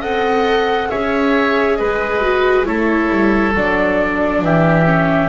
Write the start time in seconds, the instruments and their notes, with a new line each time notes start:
0.00 double bass C4, viola A4, oboe D#5, flute F#5
0.89 double bass C#4, viola G#4, oboe C#5, flute E5
1.76 double bass G#3, oboe B4, flute D#5
2.21 viola F#4
2.65 double bass A3, viola E4, oboe A4, flute C#5
3.10 double bass G3
3.54 double bass F#3, viola D4, flute D5
4.42 double bass E3, oboe G4, flute E5
4.85 viola C#4